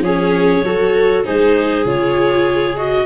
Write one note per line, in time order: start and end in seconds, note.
0.00 0.61 F3
0.00 0.64 C#4
0.00 0.65 G#4
0.00 1.24 C#5
0.64 1.24 F#3
0.64 1.24 F#4
0.64 1.26 A4
1.24 1.85 G#3
1.24 1.84 D#4
1.24 3.06 G#4
1.24 1.86 C5
1.84 3.06 C#3
1.84 2.75 F4
1.84 2.77 C#5
2.77 3.06 F#4
2.77 3.06 D#5